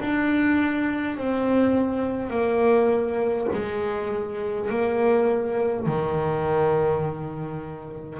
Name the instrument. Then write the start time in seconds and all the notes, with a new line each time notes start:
double bass
0.00 D4
1.17 C4
2.30 A#3
3.52 G#3
4.70 A#3
5.86 D#3